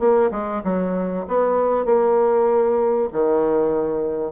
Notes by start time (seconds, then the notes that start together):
0.00 A#3
0.31 G#3
0.64 F#3
1.28 B3
1.86 A#3
3.13 D#3